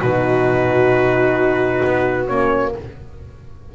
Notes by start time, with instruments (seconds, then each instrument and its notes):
0.00 double bass B2, horn D#4, viola F#4, trumpet B4
1.85 double bass B3
2.27 double bass A#3, horn C#4, trumpet C#5